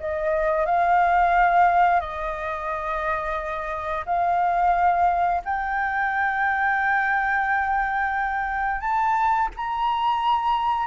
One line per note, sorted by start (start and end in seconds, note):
0.00 0.65 D#5
0.65 2.00 F5
2.00 4.05 D#5
4.05 5.42 F5
5.45 8.80 G5
8.80 9.49 A5
9.56 10.87 A#5